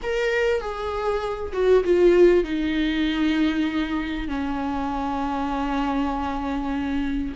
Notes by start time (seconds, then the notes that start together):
0.03 A#4
0.60 G#4
1.53 F#4
1.83 F4
2.44 D#4
4.28 C#4